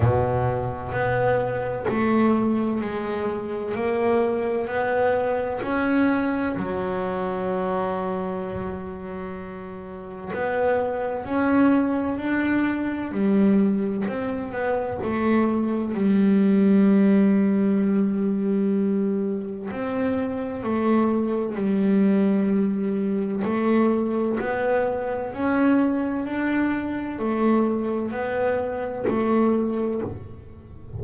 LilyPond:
\new Staff \with { instrumentName = "double bass" } { \time 4/4 \tempo 4 = 64 b,4 b4 a4 gis4 | ais4 b4 cis'4 fis4~ | fis2. b4 | cis'4 d'4 g4 c'8 b8 |
a4 g2.~ | g4 c'4 a4 g4~ | g4 a4 b4 cis'4 | d'4 a4 b4 a4 | }